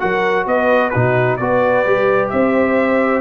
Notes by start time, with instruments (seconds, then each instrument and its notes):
0.00 tuba F#3, trombone F#4, horn A#4, trumpet F#5
0.47 tuba B3, horn B4, trumpet D#5
0.90 tuba B2, trombone D#4, horn F#4, trumpet B4
1.37 tuba B3, trombone F#4, horn B4, trumpet D5
1.86 tuba G3, trombone G4
2.30 tuba C4, horn C5, trumpet E5